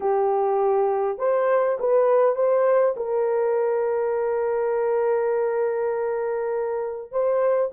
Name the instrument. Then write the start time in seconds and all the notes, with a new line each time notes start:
horn
0.00 G4
1.18 C5
1.79 B4
2.35 C5
2.96 A#4
7.11 C5